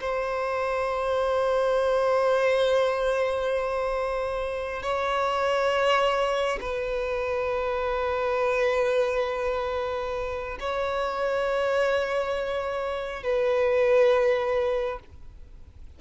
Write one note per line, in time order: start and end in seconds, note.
0.00 4.82 C5
4.82 6.59 C#5
6.61 10.58 B4
10.60 13.23 C#5
13.23 14.99 B4